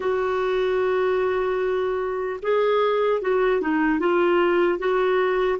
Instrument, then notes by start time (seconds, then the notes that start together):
clarinet
0.00 F#4
2.42 G#4
3.21 F#4
3.61 D#4
3.99 F4
4.78 F#4